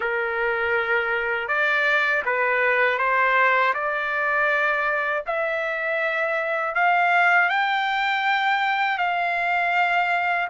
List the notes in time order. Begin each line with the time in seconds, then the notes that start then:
0.00 A#4
1.48 D5
2.25 B4
2.98 C5
3.74 D5
5.26 E5
6.75 F5
7.49 G5
8.98 F5